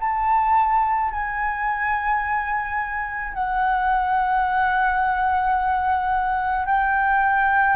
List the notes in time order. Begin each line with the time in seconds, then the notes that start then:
0.00 A5
1.11 G#5
3.34 F#5
6.66 G5